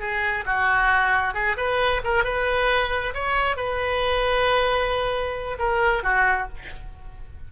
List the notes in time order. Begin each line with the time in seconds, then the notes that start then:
0.00 G#4
0.46 F#4
1.34 G#4
1.57 B4
2.05 A#4
2.24 B4
3.14 C#5
3.57 B4
5.59 A#4
6.04 F#4